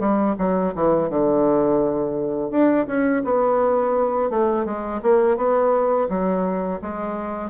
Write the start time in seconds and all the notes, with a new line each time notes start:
0.00 G3
0.39 F#3
0.75 E3
1.10 D3
2.51 D4
2.87 C#4
3.25 B3
4.31 A3
4.66 G#3
5.03 A#3
5.37 B3
6.09 F#3
6.82 G#3